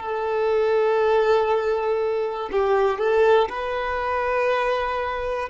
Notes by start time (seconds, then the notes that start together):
0.00 A4
2.52 G4
2.98 A4
3.50 B4